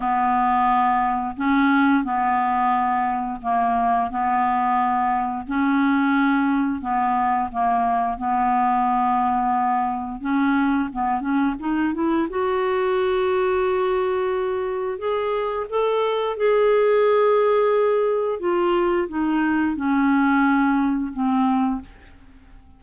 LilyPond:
\new Staff \with { instrumentName = "clarinet" } { \time 4/4 \tempo 4 = 88 b2 cis'4 b4~ | b4 ais4 b2 | cis'2 b4 ais4 | b2. cis'4 |
b8 cis'8 dis'8 e'8 fis'2~ | fis'2 gis'4 a'4 | gis'2. f'4 | dis'4 cis'2 c'4 | }